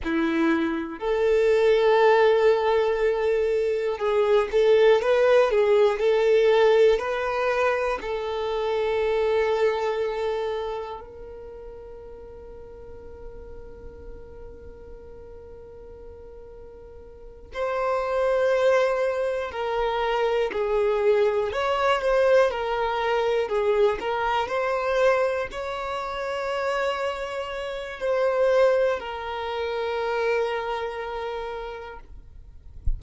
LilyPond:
\new Staff \with { instrumentName = "violin" } { \time 4/4 \tempo 4 = 60 e'4 a'2. | gis'8 a'8 b'8 gis'8 a'4 b'4 | a'2. ais'4~ | ais'1~ |
ais'4. c''2 ais'8~ | ais'8 gis'4 cis''8 c''8 ais'4 gis'8 | ais'8 c''4 cis''2~ cis''8 | c''4 ais'2. | }